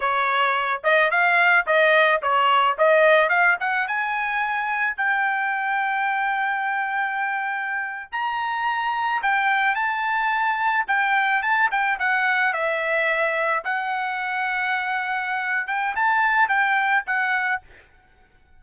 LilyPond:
\new Staff \with { instrumentName = "trumpet" } { \time 4/4 \tempo 4 = 109 cis''4. dis''8 f''4 dis''4 | cis''4 dis''4 f''8 fis''8 gis''4~ | gis''4 g''2.~ | g''2~ g''8. ais''4~ ais''16~ |
ais''8. g''4 a''2 g''16~ | g''8. a''8 g''8 fis''4 e''4~ e''16~ | e''8. fis''2.~ fis''16~ | fis''8 g''8 a''4 g''4 fis''4 | }